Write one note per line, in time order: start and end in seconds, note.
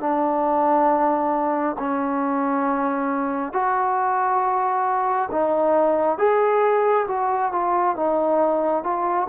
0.00 1.76 D4
1.79 3.53 C#4
3.53 5.29 F#4
5.31 6.18 D#4
6.18 7.06 G#4
7.08 7.52 F#4
7.52 7.96 F4
7.96 8.84 D#4
8.84 9.28 F4